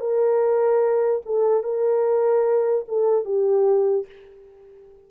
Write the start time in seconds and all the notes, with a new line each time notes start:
0.00 A#4
1.26 A4
1.64 A#4
2.88 A4
3.25 G4